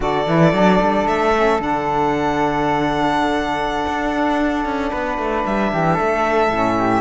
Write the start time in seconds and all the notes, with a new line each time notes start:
0.00 D3 F#4 A4 D5
0.26 E3 E4
0.52 F#3 D4
0.81 G3
1.06 A3 E5
1.35 C#4
1.58 D3 D4 F#5
3.87 D4
4.65 C#4
4.90 B3 B4
5.17 A3
5.45 G3 E5
5.72 E3 G4
5.93 A3 A4
6.49 A2 C#4
6.79 G4